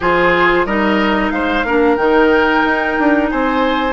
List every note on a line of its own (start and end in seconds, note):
0.00 0.65 F3
0.00 0.67 F4
0.00 0.66 G#4
0.00 0.66 C5
0.65 1.31 G3
0.65 1.66 D#4
0.65 1.32 A#4
0.65 1.30 D#5
1.30 1.63 G#3
1.30 1.66 C5
1.30 1.96 F5
1.63 1.96 A#3
1.63 1.97 D4
1.63 3.30 A#4
1.96 2.64 D#3
1.96 3.92 D#4
1.96 3.28 G5
2.64 2.97 D#4
2.98 3.31 D4
3.30 3.92 C4
3.30 3.92 C5
3.30 3.92 G#5